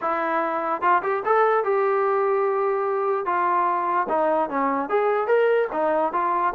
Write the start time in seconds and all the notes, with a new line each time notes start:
0.01 E4
0.81 F4
1.02 G4
1.25 A4
1.64 G4
3.25 F4
4.09 D#4
4.49 C#4
4.89 G#4
5.27 A#4
5.72 D#4
6.12 F4